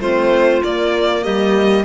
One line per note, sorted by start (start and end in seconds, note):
0.00 0.62 A3
0.00 0.63 C4
0.00 1.23 F4
0.00 0.63 C5
0.63 1.85 A#3
0.63 1.27 A#3
0.63 1.24 D5
1.23 1.85 G3
1.23 1.85 G4
1.23 1.85 D#5